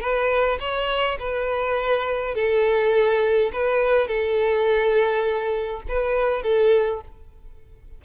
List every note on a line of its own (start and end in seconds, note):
0.00 0.58 B4
0.60 1.18 C#5
1.19 2.35 B4
2.35 3.51 A4
3.53 4.08 B4
4.08 5.82 A4
5.88 6.42 B4
6.42 7.01 A4